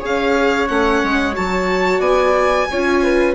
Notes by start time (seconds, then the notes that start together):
0.00 C#4 G#4 C#5 F5
0.68 A3 C#4 F#5
1.03 G#3
1.33 F#3 F#4 A5
1.99 B3 D5 G#5
2.71 C#4 F4 C#5
3.03 B4